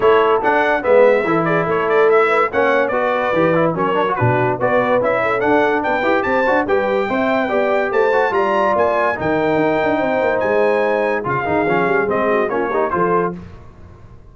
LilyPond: <<
  \new Staff \with { instrumentName = "trumpet" } { \time 4/4 \tempo 4 = 144 cis''4 fis''4 e''4. d''8 | cis''8 d''8 e''4 fis''4 d''4~ | d''4 cis''4 b'4 d''4 | e''4 fis''4 g''4 a''4 |
g''2. a''4 | ais''4 gis''4 g''2~ | g''4 gis''2 f''4~ | f''4 dis''4 cis''4 c''4 | }
  \new Staff \with { instrumentName = "horn" } { \time 4/4 a'2 b'4 a'8 gis'8 | a'4. b'8 cis''4 b'4~ | b'4 ais'4 fis'4 b'4~ | b'8 a'4. b'4 c''4 |
b'4 e''4 d''4 c''4 | d''2 ais'2 | c''2. gis'4~ | gis'4. fis'8 f'8 g'8 a'4 | }
  \new Staff \with { instrumentName = "trombone" } { \time 4/4 e'4 d'4 b4 e'4~ | e'2 cis'4 fis'4 | g'8 e'8 cis'8 d'16 fis'16 d'4 fis'4 | e'4 d'4. g'4 fis'8 |
g'4 c''4 g'4. fis'8 | f'2 dis'2~ | dis'2. f'8 dis'8 | cis'4 c'4 cis'8 dis'8 f'4 | }
  \new Staff \with { instrumentName = "tuba" } { \time 4/4 a4 d'4 gis4 e4 | a2 ais4 b4 | e4 fis4 b,4 b4 | cis'4 d'4 b8 e'8 c'8 d'8 |
g4 c'4 b4 a4 | g4 ais4 dis4 dis'8 d'8 | c'8 ais8 gis2 cis8 dis8 | f8 g8 gis4 ais4 f4 | }
>>